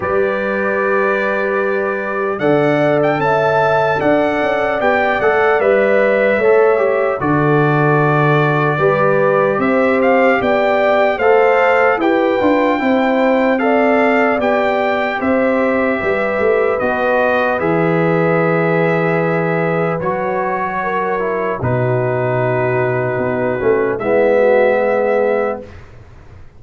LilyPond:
<<
  \new Staff \with { instrumentName = "trumpet" } { \time 4/4 \tempo 4 = 75 d''2. fis''8. g''16 | a''4 fis''4 g''8 fis''8 e''4~ | e''4 d''2. | e''8 f''8 g''4 f''4 g''4~ |
g''4 f''4 g''4 e''4~ | e''4 dis''4 e''2~ | e''4 cis''2 b'4~ | b'2 e''2 | }
  \new Staff \with { instrumentName = "horn" } { \time 4/4 b'2. d''4 | e''4 d''2. | cis''4 a'2 b'4 | c''4 d''4 c''4 b'4 |
c''4 d''2 c''4 | b'1~ | b'2 ais'4 fis'4~ | fis'2 e'8 fis'8 gis'4 | }
  \new Staff \with { instrumentName = "trombone" } { \time 4/4 g'2. a'4~ | a'2 g'8 a'8 b'4 | a'8 g'8 fis'2 g'4~ | g'2 a'4 g'8 f'8 |
e'4 a'4 g'2~ | g'4 fis'4 gis'2~ | gis'4 fis'4. e'8 dis'4~ | dis'4. cis'8 b2 | }
  \new Staff \with { instrumentName = "tuba" } { \time 4/4 g2. d4 | cis'4 d'8 cis'8 b8 a8 g4 | a4 d2 g4 | c'4 b4 a4 e'8 d'8 |
c'2 b4 c'4 | g8 a8 b4 e2~ | e4 fis2 b,4~ | b,4 b8 a8 gis2 | }
>>